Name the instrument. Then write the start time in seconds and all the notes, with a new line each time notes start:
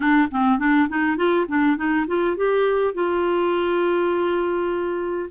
clarinet
0.00 D4
0.31 C4
0.59 D4
0.89 D#4
1.16 F4
1.48 D4
1.76 D#4
2.07 F4
2.36 G4
2.94 F4